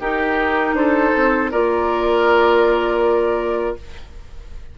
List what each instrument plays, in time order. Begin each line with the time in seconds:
0.00 bassoon D#4, clarinet D#4, oboe G4, flute A#4
0.73 bassoon D4, oboe A4, flute C5
1.16 bassoon C4
1.51 bassoon A#3, clarinet F4, oboe A#4, flute D5